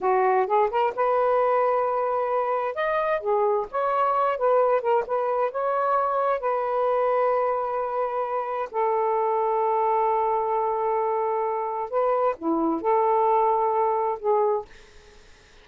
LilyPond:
\new Staff \with { instrumentName = "saxophone" } { \time 4/4 \tempo 4 = 131 fis'4 gis'8 ais'8 b'2~ | b'2 dis''4 gis'4 | cis''4. b'4 ais'8 b'4 | cis''2 b'2~ |
b'2. a'4~ | a'1~ | a'2 b'4 e'4 | a'2. gis'4 | }